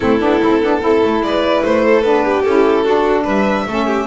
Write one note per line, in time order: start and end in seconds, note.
0.00 0.21 A3
0.00 0.19 C4
0.00 0.81 E4
0.00 1.21 A4
0.19 0.41 B3
0.19 0.39 D4
0.40 0.62 C4
0.40 0.61 E4
0.61 0.81 B3
0.61 0.80 D4
0.80 1.02 C4
0.80 2.02 E4
0.80 1.25 A4
1.03 1.21 A3
1.21 1.62 G#3
1.21 1.84 B4
1.21 1.63 D5
1.64 2.03 A3
1.64 2.02 C5
1.84 2.24 A4
2.02 2.44 B3
2.02 2.44 D4
2.02 2.42 B4
2.24 2.85 G4
2.43 2.84 C#4
2.43 2.85 E4
2.43 3.25 A4
2.84 3.25 D4
2.84 3.67 D4
2.84 3.24 F#4
3.24 3.66 G3
3.24 3.64 B4
3.24 4.07 E5
3.66 4.07 A3
3.66 4.07 C#4
3.66 3.86 A4
3.86 4.06 G4